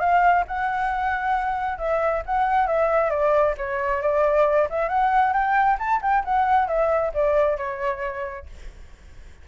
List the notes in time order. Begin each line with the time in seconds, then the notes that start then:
0.00 F5
0.47 F#5
1.78 E5
2.26 F#5
2.67 E5
3.10 D5
3.58 C#5
4.02 D5
4.70 E5
4.89 F#5
5.33 G5
5.79 A5
6.02 G5
6.25 F#5
6.68 E5
7.14 D5
7.57 C#5